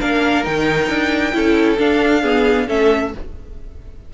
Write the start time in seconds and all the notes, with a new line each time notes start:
0.00 A#3 D4 A#4 F5
0.44 D#3 D#4 G5
0.89 D4
1.32 C#4 E4 A4
1.78 D4 F5
2.22 B3 G#4
2.68 A3 C#4 A4 E5